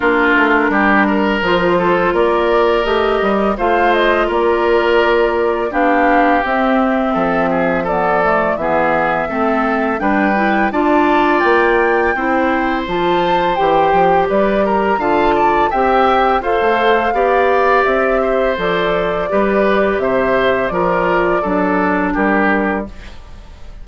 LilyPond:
<<
  \new Staff \with { instrumentName = "flute" } { \time 4/4 \tempo 4 = 84 ais'2 c''4 d''4 | dis''4 f''8 dis''8 d''2 | f''4 e''2 d''4 | e''2 g''4 a''4 |
g''2 a''4 g''4 | d''8 ais''8 a''4 g''4 f''4~ | f''4 e''4 d''2 | e''4 d''2 ais'4 | }
  \new Staff \with { instrumentName = "oboe" } { \time 4/4 f'4 g'8 ais'4 a'8 ais'4~ | ais'4 c''4 ais'2 | g'2 a'8 gis'8 a'4 | gis'4 a'4 b'4 d''4~ |
d''4 c''2. | b'8 ais'8 f''8 d''8 e''4 c''4 | d''4. c''4. b'4 | c''4 ais'4 a'4 g'4 | }
  \new Staff \with { instrumentName = "clarinet" } { \time 4/4 d'2 f'2 | g'4 f'2. | d'4 c'2 b8 a8 | b4 c'4 d'8 e'8 f'4~ |
f'4 e'4 f'4 g'4~ | g'4 f'4 g'4 a'4 | g'2 a'4 g'4~ | g'4 f'4 d'2 | }
  \new Staff \with { instrumentName = "bassoon" } { \time 4/4 ais8 a8 g4 f4 ais4 | a8 g8 a4 ais2 | b4 c'4 f2 | e4 a4 g4 d'4 |
ais4 c'4 f4 e8 f8 | g4 d4 c'4 f'16 a8. | b4 c'4 f4 g4 | c4 f4 fis4 g4 | }
>>